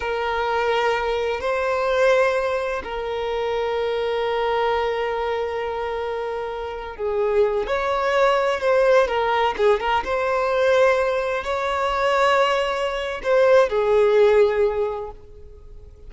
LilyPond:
\new Staff \with { instrumentName = "violin" } { \time 4/4 \tempo 4 = 127 ais'2. c''4~ | c''2 ais'2~ | ais'1~ | ais'2~ ais'8. gis'4~ gis'16~ |
gis'16 cis''2 c''4 ais'8.~ | ais'16 gis'8 ais'8 c''2~ c''8.~ | c''16 cis''2.~ cis''8. | c''4 gis'2. | }